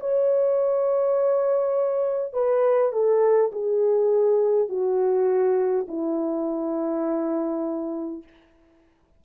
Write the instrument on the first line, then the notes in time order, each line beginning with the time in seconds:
horn
0.00 C#5
2.34 B4
2.93 A4
3.52 G#4
4.69 F#4
5.88 E4